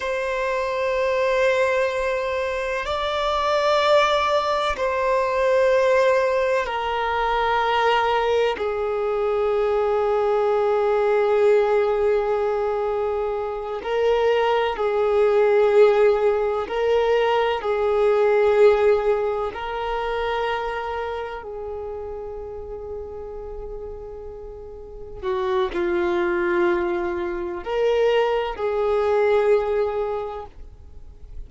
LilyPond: \new Staff \with { instrumentName = "violin" } { \time 4/4 \tempo 4 = 63 c''2. d''4~ | d''4 c''2 ais'4~ | ais'4 gis'2.~ | gis'2~ gis'8 ais'4 gis'8~ |
gis'4. ais'4 gis'4.~ | gis'8 ais'2 gis'4.~ | gis'2~ gis'8 fis'8 f'4~ | f'4 ais'4 gis'2 | }